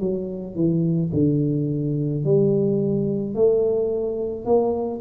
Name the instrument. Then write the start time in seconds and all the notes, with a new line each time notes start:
tuba
0.00 F#3
0.56 E3
1.14 D3
2.24 G3
3.35 A3
4.45 A#3